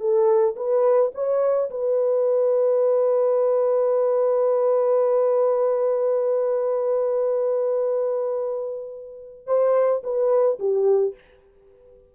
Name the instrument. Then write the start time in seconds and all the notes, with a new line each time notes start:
horn
0.00 A4
0.56 B4
1.15 C#5
1.70 B4
9.47 C5
10.04 B4
10.60 G4